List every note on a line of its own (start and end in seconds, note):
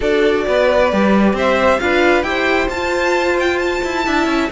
0.00 0.46 D4
0.00 0.90 F#4
0.00 0.45 A4
0.00 1.37 D5
0.47 0.92 B3
0.47 1.35 B4
0.90 1.33 G3
0.90 1.79 G4
1.33 1.78 C4
1.33 1.80 C5
1.33 1.79 E5
1.79 2.23 D4
1.79 2.24 F4
1.79 2.27 B4
1.79 2.22 F5
2.22 2.68 E4
2.22 2.69 G4
2.22 4.05 C5
2.22 2.68 G5
2.68 3.81 F4
2.68 4.05 F4
2.68 3.37 A5
3.39 3.58 G5
3.58 4.48 A5
3.84 4.06 E4
4.05 4.26 D4
4.05 4.50 E4
4.05 4.50 E5
4.26 4.48 C#4